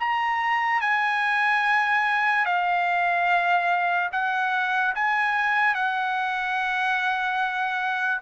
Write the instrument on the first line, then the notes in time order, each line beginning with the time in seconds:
trumpet
0.00 A#5
0.81 G#5
2.46 F5
4.12 F#5
4.95 G#5
5.75 F#5